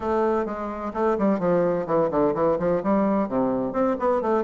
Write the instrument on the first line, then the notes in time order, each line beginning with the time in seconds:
bassoon
0.00 A3
0.45 G#3
0.93 A3
1.18 G3
1.39 F3
1.86 E3
2.10 D3
2.34 E3
2.59 F3
2.83 G3
3.28 C3
3.72 C4
3.99 B3
4.21 A3